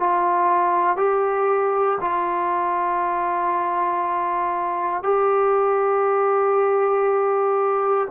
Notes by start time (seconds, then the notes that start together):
0.00 F4
0.97 G4
2.01 F4
5.03 G4